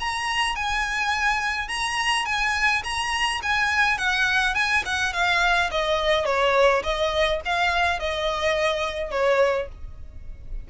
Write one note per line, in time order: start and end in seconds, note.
0.00 0.56 A#5
0.56 1.69 G#5
1.69 2.26 A#5
2.26 2.83 G#5
2.84 3.41 A#5
3.43 3.98 G#5
3.98 4.55 F#5
4.55 4.84 G#5
4.86 5.14 F#5
5.14 5.71 F5
5.71 6.26 D#5
6.26 6.83 C#5
6.84 7.41 D#5
7.45 8.00 F5
8.00 9.12 D#5
9.12 9.69 C#5